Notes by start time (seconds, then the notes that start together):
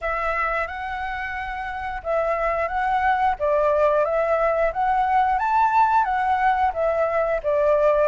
0.01 E5
0.67 F#5
2.03 E5
2.68 F#5
3.39 D5
4.04 E5
4.73 F#5
5.38 A5
6.04 F#5
6.73 E5
7.43 D5